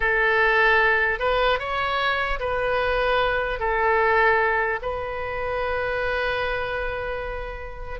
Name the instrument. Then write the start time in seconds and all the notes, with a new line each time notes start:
oboe
0.00 A4
1.19 B4
1.59 C#5
2.39 B4
3.59 A4
4.81 B4